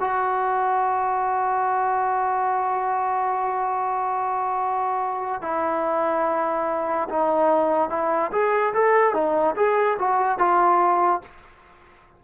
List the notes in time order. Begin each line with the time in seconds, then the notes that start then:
0.00 F#4
5.42 E4
7.09 D#4
7.90 E4
8.31 G#4
8.74 A4
9.14 D#4
9.56 G#4
9.99 F#4
10.38 F4